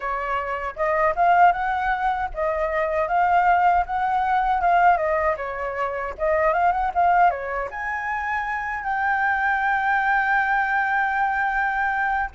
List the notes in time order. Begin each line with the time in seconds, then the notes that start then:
0.00 C#5
0.76 D#5
1.15 F5
1.52 F#5
2.34 D#5
3.08 F5
3.86 F#5
4.61 F5
4.97 D#5
5.37 C#5
6.17 D#5
6.53 F5
6.71 F#5
6.94 F5
7.30 C#5
7.70 G#5
8.83 G5